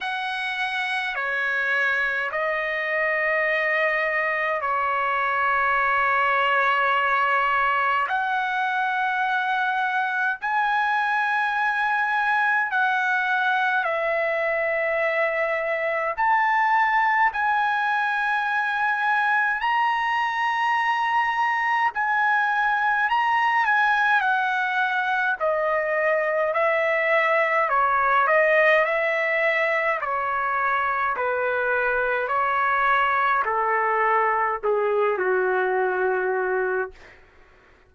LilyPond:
\new Staff \with { instrumentName = "trumpet" } { \time 4/4 \tempo 4 = 52 fis''4 cis''4 dis''2 | cis''2. fis''4~ | fis''4 gis''2 fis''4 | e''2 a''4 gis''4~ |
gis''4 ais''2 gis''4 | ais''8 gis''8 fis''4 dis''4 e''4 | cis''8 dis''8 e''4 cis''4 b'4 | cis''4 a'4 gis'8 fis'4. | }